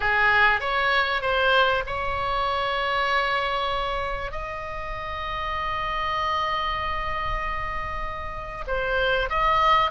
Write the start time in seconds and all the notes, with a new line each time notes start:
0.00 G#4
0.60 C#5
1.21 C5
1.86 C#5
4.31 D#5
8.67 C5
9.29 D#5